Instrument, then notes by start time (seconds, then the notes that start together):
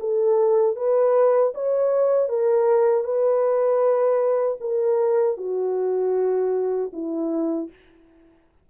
horn
0.00 A4
0.76 B4
1.55 C#5
2.29 A#4
3.04 B4
4.60 A#4
5.37 F#4
6.93 E4